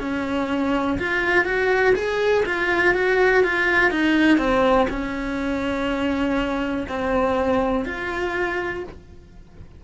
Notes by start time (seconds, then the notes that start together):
0.00 C#4
0.99 F4
1.45 F#4
1.95 G#4
2.45 F4
2.94 F#4
3.44 F4
3.91 D#4
4.38 C4
4.90 C#4
6.88 C4
7.85 F4